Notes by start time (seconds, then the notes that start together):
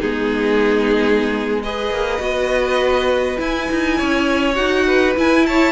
0.00 G#3 B3 D#4 G#4
1.63 G#4 B4 D#5
1.89 A#3
2.19 B3 F#4
3.37 E4 G#5
3.71 D#4
3.97 C#4 C#5
4.54 D#4 F#4 F#5
4.87 B4
5.16 E4 G#5
5.46 C#5 A5